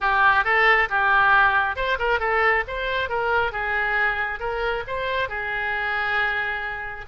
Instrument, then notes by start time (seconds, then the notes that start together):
oboe
0.00 G4
0.44 A4
0.89 G4
1.76 C5
1.98 A#4
2.19 A4
2.67 C5
3.09 A#4
3.52 G#4
4.39 A#4
4.87 C5
5.28 G#4